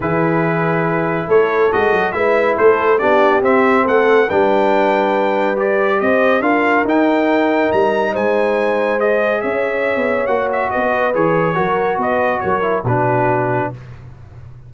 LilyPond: <<
  \new Staff \with { instrumentName = "trumpet" } { \time 4/4 \tempo 4 = 140 b'2. cis''4 | dis''4 e''4 c''4 d''4 | e''4 fis''4 g''2~ | g''4 d''4 dis''4 f''4 |
g''2 ais''4 gis''4~ | gis''4 dis''4 e''2 | fis''8 e''8 dis''4 cis''2 | dis''4 cis''4 b'2 | }
  \new Staff \with { instrumentName = "horn" } { \time 4/4 gis'2. a'4~ | a'4 b'4 a'4 g'4~ | g'4 a'4 b'2~ | b'2 c''4 ais'4~ |
ais'2. c''4~ | c''2 cis''2~ | cis''4 b'2 ais'4 | b'4 ais'4 fis'2 | }
  \new Staff \with { instrumentName = "trombone" } { \time 4/4 e'1 | fis'4 e'2 d'4 | c'2 d'2~ | d'4 g'2 f'4 |
dis'1~ | dis'4 gis'2. | fis'2 gis'4 fis'4~ | fis'4. e'8 d'2 | }
  \new Staff \with { instrumentName = "tuba" } { \time 4/4 e2. a4 | gis8 fis8 gis4 a4 b4 | c'4 a4 g2~ | g2 c'4 d'4 |
dis'2 g4 gis4~ | gis2 cis'4~ cis'16 b8. | ais4 b4 e4 fis4 | b4 fis4 b,2 | }
>>